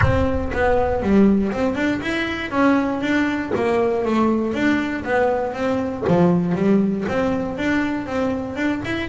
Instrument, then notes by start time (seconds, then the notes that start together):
double bass
0.01 C4
0.52 B3
1.02 G3
1.52 C4
1.75 D4
2.01 E4
2.50 C#4
3.01 D4
3.55 A#3
4.05 A3
4.53 D4
5.04 B3
5.53 C4
6.08 F3
6.55 G3
7.08 C4
7.57 D4
8.06 C4
8.56 D4
8.84 E4